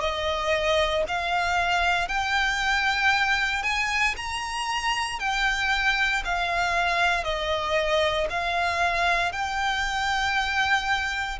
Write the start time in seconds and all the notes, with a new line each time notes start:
0.00 D#5
1.07 F5
2.08 G5
3.63 G#5
4.17 A#5
5.19 G5
6.24 F5
7.24 D#5
8.29 F5
9.32 G5